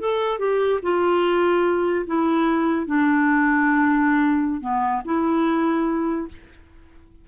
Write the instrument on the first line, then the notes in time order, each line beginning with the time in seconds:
clarinet
0.00 A4
0.39 G4
0.83 F4
2.07 E4
2.87 D4
4.61 B3
5.05 E4